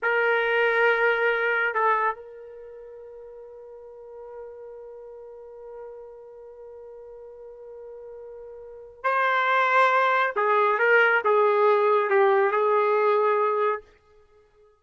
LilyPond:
\new Staff \with { instrumentName = "trumpet" } { \time 4/4 \tempo 4 = 139 ais'1 | a'4 ais'2.~ | ais'1~ | ais'1~ |
ais'1~ | ais'4 c''2. | gis'4 ais'4 gis'2 | g'4 gis'2. | }